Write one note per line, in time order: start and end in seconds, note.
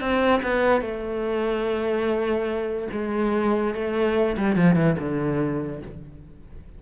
0.00 0.41 C4
0.42 0.81 B3
0.81 2.88 A3
2.92 3.74 G#3
3.74 4.36 A3
4.37 4.56 G3
4.56 4.75 F3
4.75 4.96 E3
4.99 5.82 D3